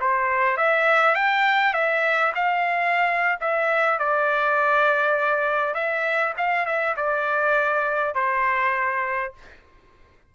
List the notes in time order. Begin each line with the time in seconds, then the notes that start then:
0.00 C5
0.57 E5
1.15 G5
1.73 E5
2.35 F5
3.41 E5
3.99 D5
5.74 E5
6.38 F5
6.66 E5
6.96 D5
8.14 C5